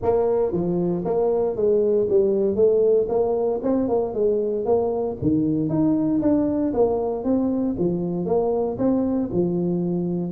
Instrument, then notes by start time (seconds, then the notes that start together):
tuba
0.02 A#3
0.52 F3
1.04 A#3
1.56 G#3
2.09 G3
2.55 A3
3.08 A#3
3.62 C4
3.88 A#3
4.14 G#3
4.65 A#3
5.21 D#3
5.69 D#4
6.21 D4
6.73 A#3
7.23 C4
7.78 F3
8.25 A#3
8.78 C4
9.32 F3